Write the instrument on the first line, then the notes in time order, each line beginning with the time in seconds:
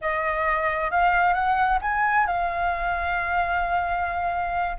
flute
0.01 D#5
0.90 F5
1.33 F#5
1.81 G#5
2.26 F5